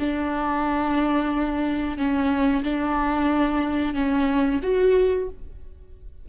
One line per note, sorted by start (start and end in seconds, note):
0.00 1.98 D4
1.98 2.64 C#4
2.64 3.94 D4
3.94 4.60 C#4
4.63 5.29 F#4